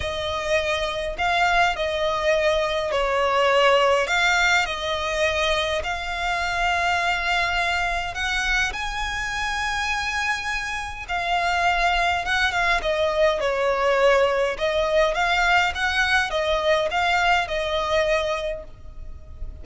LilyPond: \new Staff \with { instrumentName = "violin" } { \time 4/4 \tempo 4 = 103 dis''2 f''4 dis''4~ | dis''4 cis''2 f''4 | dis''2 f''2~ | f''2 fis''4 gis''4~ |
gis''2. f''4~ | f''4 fis''8 f''8 dis''4 cis''4~ | cis''4 dis''4 f''4 fis''4 | dis''4 f''4 dis''2 | }